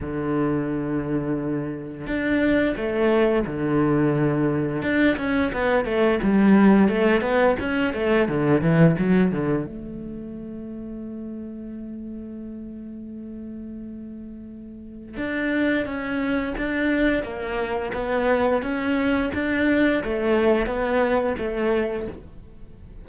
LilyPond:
\new Staff \with { instrumentName = "cello" } { \time 4/4 \tempo 4 = 87 d2. d'4 | a4 d2 d'8 cis'8 | b8 a8 g4 a8 b8 cis'8 a8 | d8 e8 fis8 d8 a2~ |
a1~ | a2 d'4 cis'4 | d'4 ais4 b4 cis'4 | d'4 a4 b4 a4 | }